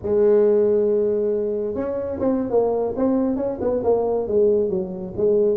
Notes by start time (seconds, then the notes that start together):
0.02 G#3
1.75 C#4
2.19 C4
2.50 A#3
2.96 C4
3.36 C#4
3.61 B3
3.83 A#3
4.27 G#3
4.69 F#3
5.17 G#3